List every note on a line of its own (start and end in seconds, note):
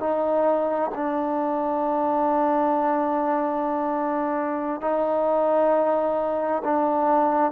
0.00 0.91 D#4
0.95 4.81 D4
4.81 6.63 D#4
6.64 7.52 D4